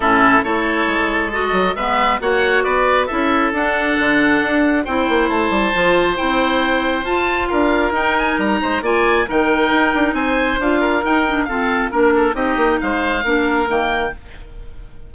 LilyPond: <<
  \new Staff \with { instrumentName = "oboe" } { \time 4/4 \tempo 4 = 136 a'4 cis''2 dis''4 | e''4 fis''4 d''4 e''4 | fis''2. g''4 | a''2 g''2 |
a''4 f''4 g''8 gis''8 ais''4 | gis''4 g''2 gis''4 | f''4 g''4 f''4 ais'4 | dis''4 f''2 g''4 | }
  \new Staff \with { instrumentName = "oboe" } { \time 4/4 e'4 a'2. | b'4 cis''4 b'4 a'4~ | a'2. c''4~ | c''1~ |
c''4 ais'2~ ais'8 c''8 | d''4 ais'2 c''4~ | c''8 ais'4. a'4 ais'8 a'8 | g'4 c''4 ais'2 | }
  \new Staff \with { instrumentName = "clarinet" } { \time 4/4 cis'4 e'2 fis'4 | b4 fis'2 e'4 | d'2. e'4~ | e'4 f'4 e'2 |
f'2 dis'2 | f'4 dis'2. | f'4 dis'8 d'8 c'4 d'4 | dis'2 d'4 ais4 | }
  \new Staff \with { instrumentName = "bassoon" } { \time 4/4 a,4 a4 gis4. fis8 | gis4 ais4 b4 cis'4 | d'4 d4 d'4 c'8 ais8 | a8 g8 f4 c'2 |
f'4 d'4 dis'4 g8 gis8 | ais4 dis4 dis'8 d'8 c'4 | d'4 dis'4 f'4 ais4 | c'8 ais8 gis4 ais4 dis4 | }
>>